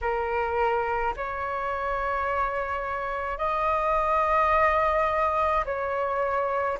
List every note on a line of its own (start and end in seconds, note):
0.01 1.14 A#4
1.16 3.38 C#5
3.38 5.64 D#5
5.64 6.78 C#5